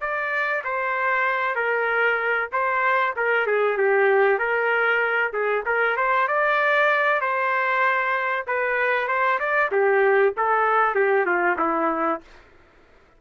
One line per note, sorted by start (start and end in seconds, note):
0.00 0.62 D5
0.64 1.55 C5
1.55 2.49 A#4
2.52 3.14 C5
3.16 3.46 A#4
3.46 3.77 G#4
3.77 4.38 G4
4.38 5.32 A#4
5.33 5.64 G#4
5.65 5.96 A#4
5.96 6.27 C5
6.27 7.20 D5
7.20 8.45 C5
8.47 9.07 B4
9.07 9.39 C5
9.39 9.70 D5
9.71 10.34 G4
10.37 10.95 A4
10.95 11.26 G4
11.26 11.57 F4
11.58 12.21 E4